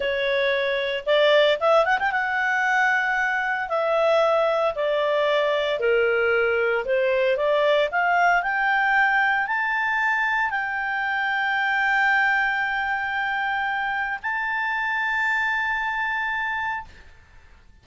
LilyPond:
\new Staff \with { instrumentName = "clarinet" } { \time 4/4 \tempo 4 = 114 cis''2 d''4 e''8 fis''16 g''16 | fis''2. e''4~ | e''4 d''2 ais'4~ | ais'4 c''4 d''4 f''4 |
g''2 a''2 | g''1~ | g''2. a''4~ | a''1 | }